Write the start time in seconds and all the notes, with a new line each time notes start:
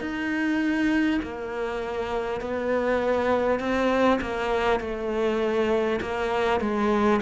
0.00 D#4
1.22 A#3
2.41 B3
3.59 C4
4.21 A#3
4.79 A3
6.01 A#3
6.60 G#3